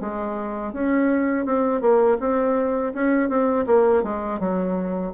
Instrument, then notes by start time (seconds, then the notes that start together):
bassoon
0.00 G#3
0.72 C#4
1.45 C4
1.81 A#3
2.20 C4
2.93 C#4
3.29 C4
3.66 A#3
4.03 G#3
4.39 F#3